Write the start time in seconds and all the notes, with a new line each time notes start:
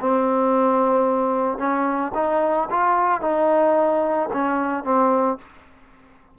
0.00 C4
1.58 C#4
2.15 D#4
2.71 F4
3.21 D#4
4.33 C#4
4.84 C4